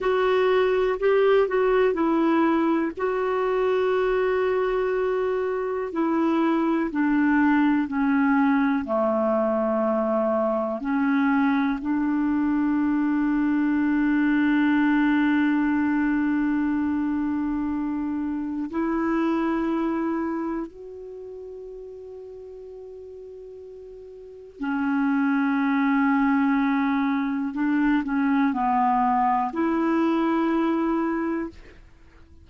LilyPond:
\new Staff \with { instrumentName = "clarinet" } { \time 4/4 \tempo 4 = 61 fis'4 g'8 fis'8 e'4 fis'4~ | fis'2 e'4 d'4 | cis'4 a2 cis'4 | d'1~ |
d'2. e'4~ | e'4 fis'2.~ | fis'4 cis'2. | d'8 cis'8 b4 e'2 | }